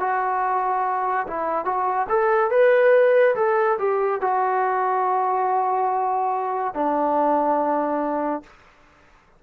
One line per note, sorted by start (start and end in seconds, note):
0.00 1.27 F#4
1.27 1.65 E4
1.65 2.07 F#4
2.09 2.51 A4
2.51 3.35 B4
3.36 3.78 A4
3.79 4.21 G4
4.21 6.75 F#4
6.75 8.44 D4